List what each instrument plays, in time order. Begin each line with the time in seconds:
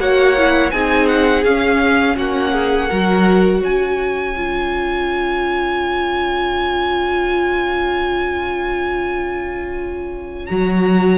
0.00 cello A#3, viola F#4, violin C#5 F#5
0.38 viola E4
0.71 cello C4, viola D#4, violin G#4 G#5
1.08 violin F#5
1.45 cello C#4, viola C#4, violin F5
2.16 cello A#3, violin F#4 F#5
2.53 violin G#4
2.89 cello F#3, viola F#4, violin A#4
3.60 cello C#4, violin C#5 G#5
4.37 viola F4
10.47 cello F#3, viola F#4, violin A#5